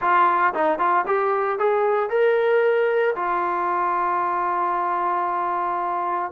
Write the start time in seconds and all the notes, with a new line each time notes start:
0.01 F4
0.54 D#4
0.78 F4
1.06 G4
1.58 G#4
2.09 A#4
3.15 F4